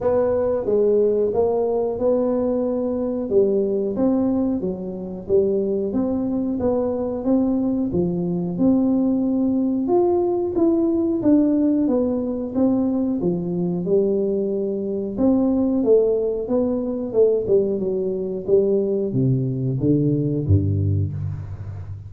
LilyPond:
\new Staff \with { instrumentName = "tuba" } { \time 4/4 \tempo 4 = 91 b4 gis4 ais4 b4~ | b4 g4 c'4 fis4 | g4 c'4 b4 c'4 | f4 c'2 f'4 |
e'4 d'4 b4 c'4 | f4 g2 c'4 | a4 b4 a8 g8 fis4 | g4 c4 d4 g,4 | }